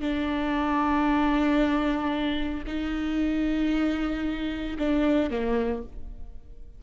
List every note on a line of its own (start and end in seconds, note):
0.00 2.63 D4
2.67 4.77 D#4
4.78 5.30 D4
5.30 5.83 A#3